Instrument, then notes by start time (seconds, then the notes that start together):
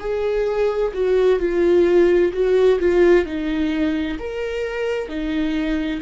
viola
0.00 G#4
0.94 F#4
1.40 F4
2.33 F#4
2.80 F4
3.26 D#4
4.20 A#4
5.09 D#4